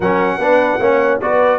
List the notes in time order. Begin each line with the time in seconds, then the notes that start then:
0.00 F#3 C#4 A#4 F#5
0.38 B3 D4 B4
0.79 A#3 C#4 C#5
1.21 B3 F#4 B4 D5